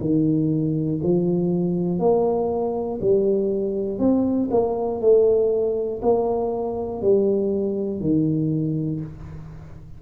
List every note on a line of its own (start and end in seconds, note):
0.00 1.00 D#3
1.03 1.99 F3
1.99 2.99 A#3
3.01 3.98 G3
3.98 4.48 C4
4.50 5.00 A#3
5.00 6.00 A3
6.02 7.01 A#3
7.01 8.00 G3
8.00 9.00 D#3